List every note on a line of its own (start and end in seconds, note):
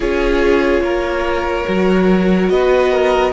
0.00 0.81 C#4
0.00 1.66 F4
0.00 0.82 G#4
0.00 2.49 C#5
0.81 1.64 A#3
0.81 2.50 A#4
1.66 2.49 F#3
1.66 3.32 F#4
2.49 3.32 B3
2.49 2.92 B4
2.49 3.32 D#5
2.92 3.32 A#4